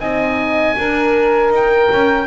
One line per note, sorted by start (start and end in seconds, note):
0.00 0.76 C4
0.00 0.77 D#4
0.00 0.77 D#5
0.00 1.53 G#5
0.77 1.51 D4
0.77 2.28 A#4
1.51 1.89 D#4
1.51 2.28 G5
1.92 2.28 C#4